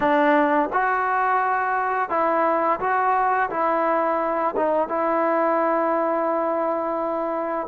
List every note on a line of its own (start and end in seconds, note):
0.00 0.69 D4
0.72 2.09 F#4
2.09 2.79 E4
2.79 3.49 F#4
3.49 4.54 E4
4.56 4.88 D#4
4.88 7.67 E4